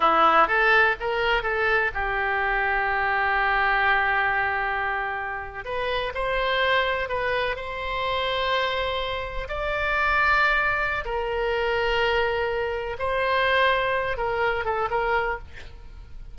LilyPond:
\new Staff \with { instrumentName = "oboe" } { \time 4/4 \tempo 4 = 125 e'4 a'4 ais'4 a'4 | g'1~ | g'2.~ g'8. b'16~ | b'8. c''2 b'4 c''16~ |
c''2.~ c''8. d''16~ | d''2. ais'4~ | ais'2. c''4~ | c''4. ais'4 a'8 ais'4 | }